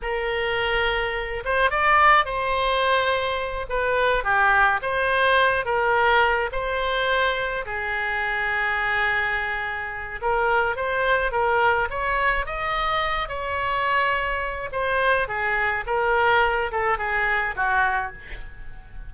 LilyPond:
\new Staff \with { instrumentName = "oboe" } { \time 4/4 \tempo 4 = 106 ais'2~ ais'8 c''8 d''4 | c''2~ c''8 b'4 g'8~ | g'8 c''4. ais'4. c''8~ | c''4. gis'2~ gis'8~ |
gis'2 ais'4 c''4 | ais'4 cis''4 dis''4. cis''8~ | cis''2 c''4 gis'4 | ais'4. a'8 gis'4 fis'4 | }